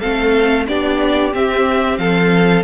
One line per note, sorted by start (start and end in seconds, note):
0.00 0.68 A3
0.00 0.68 C4
0.00 0.66 A4
0.00 0.66 F5
0.68 1.34 B3
0.68 1.32 D4
0.68 2.00 G4
0.68 1.34 D5
1.32 2.63 C4
1.32 1.98 C4
1.32 1.98 E5
1.98 2.63 F3
1.98 2.63 A4
1.98 2.63 F5